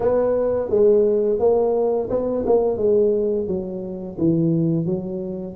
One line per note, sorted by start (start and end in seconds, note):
0.00 0.69 B3
0.69 1.39 G#3
1.39 2.09 A#3
2.10 2.45 B3
2.45 2.77 A#3
2.77 3.47 G#3
3.47 4.17 F#3
4.17 4.85 E3
4.85 5.55 F#3